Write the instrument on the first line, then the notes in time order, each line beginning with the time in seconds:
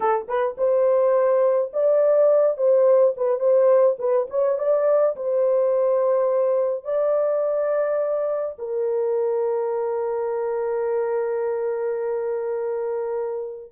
horn
0.00 A4
0.28 B4
0.57 C5
1.73 D5
2.57 C5
3.16 B4
3.39 C5
3.98 B4
4.30 C#5
4.58 D5
5.16 C5
6.84 D5
8.58 A#4